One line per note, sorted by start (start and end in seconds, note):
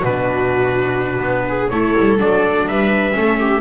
0.00 1.21 B2
0.00 1.44 F#4
0.00 1.70 B4
0.07 1.72 D4
1.21 1.69 B3
1.49 1.73 G#4
1.70 1.96 A3
1.70 2.19 E4
1.70 2.69 A4
1.70 2.18 C#5
2.00 2.20 G3
2.19 2.68 F#3
2.19 3.12 D4
2.19 2.68 D5
2.68 3.16 G3
2.68 3.17 B4
2.68 3.62 E5
3.12 3.62 A3
3.12 3.60 C#4
3.19 3.40 A4
3.40 3.62 G4